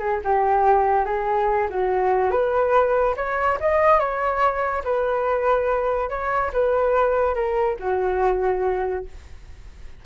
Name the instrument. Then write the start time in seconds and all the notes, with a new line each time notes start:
flute
0.00 G#4
0.25 G4
1.06 G#4
1.71 F#4
2.31 B4
3.17 C#5
3.60 D#5
4.00 C#5
4.85 B4
6.10 C#5
6.54 B4
7.35 A#4
7.80 F#4